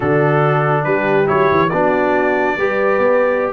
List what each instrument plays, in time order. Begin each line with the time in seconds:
0.00 tuba D3, trombone D4, horn F#4, trumpet A4
0.84 tuba G3, horn G4, trumpet B4
1.25 tuba F#3, trombone E4, trumpet C#5
1.51 tuba E3
1.69 tuba B3, trombone D4, horn F#4, trumpet D5
2.57 tuba G3, trombone G4, horn B4
2.99 tuba B3